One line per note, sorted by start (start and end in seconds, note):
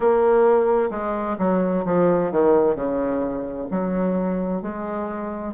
0.00 0.90 A#3
0.90 1.36 G#3
1.38 1.84 F#3
1.85 2.31 F3
2.31 2.75 D#3
2.75 3.67 C#3
3.70 4.62 F#3
4.62 5.53 G#3